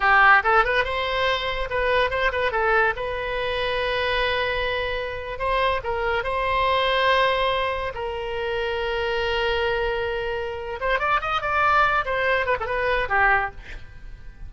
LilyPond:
\new Staff \with { instrumentName = "oboe" } { \time 4/4 \tempo 4 = 142 g'4 a'8 b'8 c''2 | b'4 c''8 b'8 a'4 b'4~ | b'1~ | b'8. c''4 ais'4 c''4~ c''16~ |
c''2~ c''8. ais'4~ ais'16~ | ais'1~ | ais'4. c''8 d''8 dis''8 d''4~ | d''8 c''4 b'16 a'16 b'4 g'4 | }